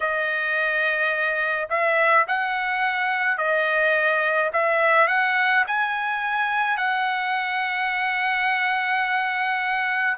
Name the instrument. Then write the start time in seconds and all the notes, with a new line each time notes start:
trumpet
0.00 D#5
1.69 E5
2.27 F#5
3.37 D#5
4.53 E5
5.07 F#5
5.67 G#5
6.77 F#5